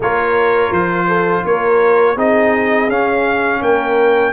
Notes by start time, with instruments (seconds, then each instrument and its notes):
0.00 tuba A#3, trombone F4, horn A#4, trumpet C#5
0.71 tuba F3, trumpet C5
1.07 horn A4
1.44 tuba A#3, horn A#4, trumpet C#5
2.15 tuba C4, trombone D#4, horn G#4, trumpet D#5
2.88 tuba C#4, trombone C#4, trumpet F5
3.61 tuba A#3, horn A#4, trumpet G5